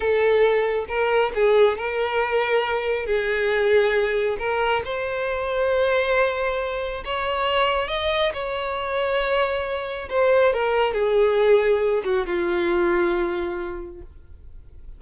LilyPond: \new Staff \with { instrumentName = "violin" } { \time 4/4 \tempo 4 = 137 a'2 ais'4 gis'4 | ais'2. gis'4~ | gis'2 ais'4 c''4~ | c''1 |
cis''2 dis''4 cis''4~ | cis''2. c''4 | ais'4 gis'2~ gis'8 fis'8 | f'1 | }